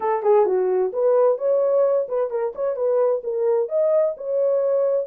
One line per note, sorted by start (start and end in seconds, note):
0.00 0.22 A4
0.22 0.45 G#4
0.45 0.91 F#4
0.92 1.38 B4
1.38 2.07 C#5
2.08 2.30 B4
2.30 2.53 A#4
2.55 2.76 C#5
2.76 3.22 B4
3.23 3.69 A#4
3.69 4.15 D#5
4.17 5.06 C#5